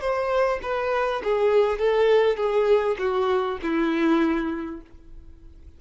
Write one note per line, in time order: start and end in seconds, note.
0.00 0.59 C5
0.62 1.22 B4
1.23 1.78 G#4
1.78 2.37 A4
2.37 2.96 G#4
2.99 3.58 F#4
3.62 4.81 E4